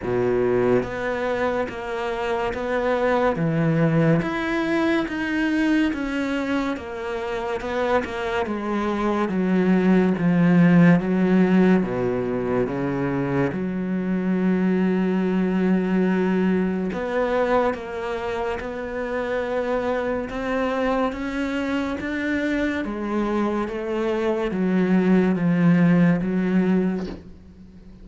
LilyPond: \new Staff \with { instrumentName = "cello" } { \time 4/4 \tempo 4 = 71 b,4 b4 ais4 b4 | e4 e'4 dis'4 cis'4 | ais4 b8 ais8 gis4 fis4 | f4 fis4 b,4 cis4 |
fis1 | b4 ais4 b2 | c'4 cis'4 d'4 gis4 | a4 fis4 f4 fis4 | }